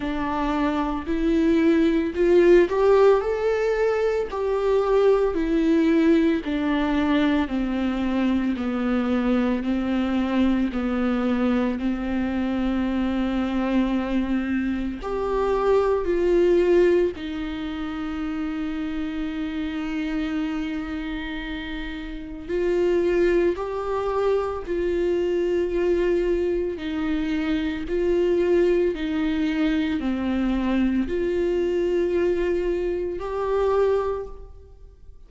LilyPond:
\new Staff \with { instrumentName = "viola" } { \time 4/4 \tempo 4 = 56 d'4 e'4 f'8 g'8 a'4 | g'4 e'4 d'4 c'4 | b4 c'4 b4 c'4~ | c'2 g'4 f'4 |
dis'1~ | dis'4 f'4 g'4 f'4~ | f'4 dis'4 f'4 dis'4 | c'4 f'2 g'4 | }